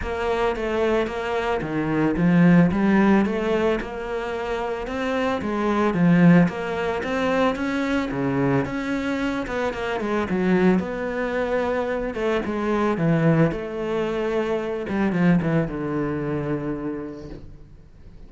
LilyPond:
\new Staff \with { instrumentName = "cello" } { \time 4/4 \tempo 4 = 111 ais4 a4 ais4 dis4 | f4 g4 a4 ais4~ | ais4 c'4 gis4 f4 | ais4 c'4 cis'4 cis4 |
cis'4. b8 ais8 gis8 fis4 | b2~ b8 a8 gis4 | e4 a2~ a8 g8 | f8 e8 d2. | }